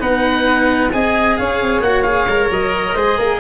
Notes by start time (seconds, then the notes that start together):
0.00 B3 D#4 B4 F#5
0.92 C4 G#4 D#5 G#5
1.38 C#4 C#5 F5
1.62 C4
1.81 A#3 F#4 F#5
2.03 G#4 F5
2.27 G#3 A#4
2.51 F#3 D#5
2.95 G#3 G#4 C5
3.18 A#3 A#4